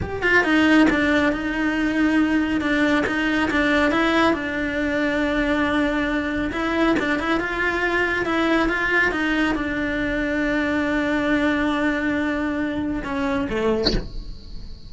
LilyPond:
\new Staff \with { instrumentName = "cello" } { \time 4/4 \tempo 4 = 138 g'8 f'8 dis'4 d'4 dis'4~ | dis'2 d'4 dis'4 | d'4 e'4 d'2~ | d'2. e'4 |
d'8 e'8 f'2 e'4 | f'4 dis'4 d'2~ | d'1~ | d'2 cis'4 a4 | }